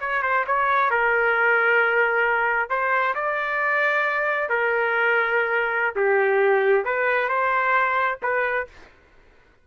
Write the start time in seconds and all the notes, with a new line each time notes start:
0.00 C#5
0.23 C5
0.47 C#5
0.91 A#4
2.70 C5
3.15 D5
4.49 A#4
5.96 G4
6.85 B4
7.29 C5
8.22 B4